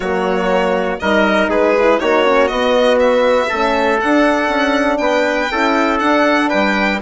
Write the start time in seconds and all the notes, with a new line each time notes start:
0.00 F#3 A#3 F#4 C#5
0.99 G3 D#4 A#4 D#5
1.48 G#3 G#4 B4
1.79 E4
1.99 A#3 D#4 F#4 C#5
2.24 C#4
2.47 B3 D#5
2.99 E5
3.48 A3 C#4 A4
4.00 D4 F#5
4.48 C#4
4.97 B3 B4 G5
5.51 C#4 E4 A4
5.99 D4 F#5
6.49 G3 B4 G5